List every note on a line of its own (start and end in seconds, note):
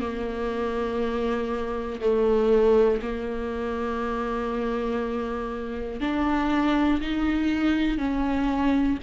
0.00 2.00 A#3
2.00 3.00 A3
3.01 6.01 A#3
6.01 7.01 D4
7.01 7.98 D#4
7.98 8.98 C#4